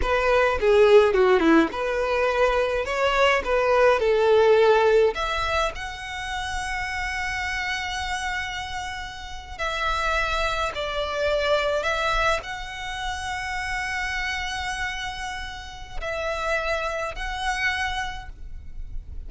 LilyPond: \new Staff \with { instrumentName = "violin" } { \time 4/4 \tempo 4 = 105 b'4 gis'4 fis'8 e'8 b'4~ | b'4 cis''4 b'4 a'4~ | a'4 e''4 fis''2~ | fis''1~ |
fis''8. e''2 d''4~ d''16~ | d''8. e''4 fis''2~ fis''16~ | fis''1 | e''2 fis''2 | }